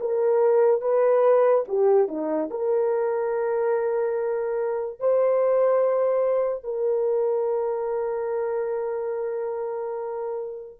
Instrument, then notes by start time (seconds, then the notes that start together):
horn
0.00 A#4
0.81 B4
1.69 G4
2.08 D#4
2.50 A#4
5.00 C5
6.64 A#4